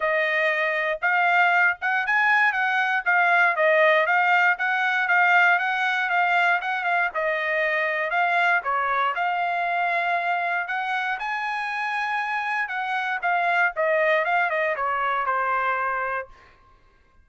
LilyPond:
\new Staff \with { instrumentName = "trumpet" } { \time 4/4 \tempo 4 = 118 dis''2 f''4. fis''8 | gis''4 fis''4 f''4 dis''4 | f''4 fis''4 f''4 fis''4 | f''4 fis''8 f''8 dis''2 |
f''4 cis''4 f''2~ | f''4 fis''4 gis''2~ | gis''4 fis''4 f''4 dis''4 | f''8 dis''8 cis''4 c''2 | }